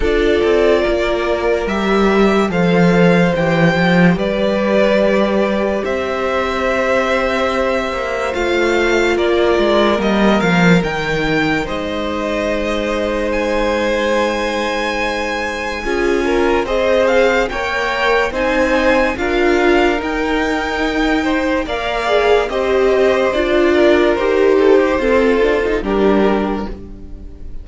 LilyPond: <<
  \new Staff \with { instrumentName = "violin" } { \time 4/4 \tempo 4 = 72 d''2 e''4 f''4 | g''4 d''2 e''4~ | e''2 f''4 d''4 | dis''8 f''8 g''4 dis''2 |
gis''1 | dis''8 f''8 g''4 gis''4 f''4 | g''2 f''4 dis''4 | d''4 c''2 ais'4 | }
  \new Staff \with { instrumentName = "violin" } { \time 4/4 a'4 ais'2 c''4~ | c''4 b'2 c''4~ | c''2. ais'4~ | ais'2 c''2~ |
c''2. gis'8 ais'8 | c''4 cis''4 c''4 ais'4~ | ais'4. c''8 d''4 c''4~ | c''8 ais'4 a'16 g'16 a'4 g'4 | }
  \new Staff \with { instrumentName = "viola" } { \time 4/4 f'2 g'4 a'4 | g'1~ | g'2 f'2 | ais4 dis'2.~ |
dis'2. f'4 | gis'4 ais'4 dis'4 f'4 | dis'2 ais'8 gis'8 g'4 | f'4 g'4 c'8 d'16 dis'16 d'4 | }
  \new Staff \with { instrumentName = "cello" } { \time 4/4 d'8 c'8 ais4 g4 f4 | e8 f8 g2 c'4~ | c'4. ais8 a4 ais8 gis8 | g8 f8 dis4 gis2~ |
gis2. cis'4 | c'4 ais4 c'4 d'4 | dis'2 ais4 c'4 | d'4 dis'4 f'4 g4 | }
>>